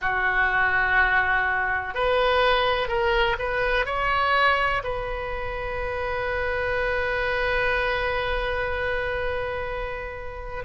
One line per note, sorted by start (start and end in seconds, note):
0.01 1.94 F#4
1.94 2.88 B4
2.88 3.36 A#4
3.39 3.85 B4
3.85 4.82 C#5
4.83 10.64 B4